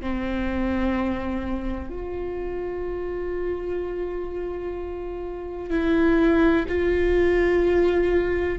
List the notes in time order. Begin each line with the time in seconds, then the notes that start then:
0.00 C4
1.90 F4
5.70 E4
6.68 F4